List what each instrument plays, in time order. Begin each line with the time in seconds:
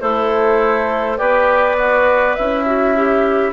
0.00 bassoon A3, oboe E4, clarinet A4, flute C5
1.17 bassoon B3, oboe G4, clarinet B4, flute D5
1.77 oboe F#4
2.35 bassoon C#4, oboe E4, flute E5
2.65 clarinet F#4
2.96 clarinet G4